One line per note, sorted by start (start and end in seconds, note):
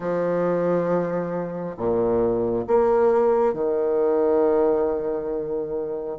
0.00 1.76 F3
1.76 2.65 A#2
2.67 3.53 A#3
3.53 6.18 D#3